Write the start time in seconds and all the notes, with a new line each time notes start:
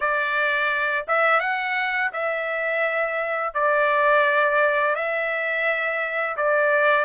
0.00 D5
1.07 E5
1.40 F#5
2.12 E5
3.54 D5
4.95 E5
6.36 D5